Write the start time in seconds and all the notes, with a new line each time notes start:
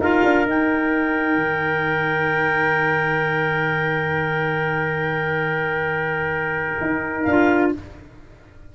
0.00 D#4 F4 A#4 F5
0.23 D4
0.46 D#4 G5
1.36 D#3
6.81 D#4
7.23 D4 F5
7.30 F4